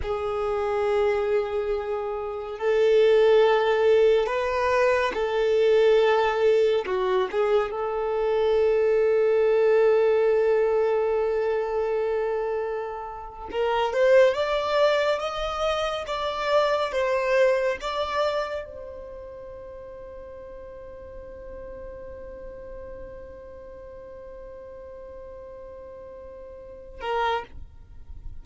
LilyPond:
\new Staff \with { instrumentName = "violin" } { \time 4/4 \tempo 4 = 70 gis'2. a'4~ | a'4 b'4 a'2 | fis'8 gis'8 a'2.~ | a'2.~ a'8. ais'16~ |
ais'16 c''8 d''4 dis''4 d''4 c''16~ | c''8. d''4 c''2~ c''16~ | c''1~ | c''2.~ c''8 ais'8 | }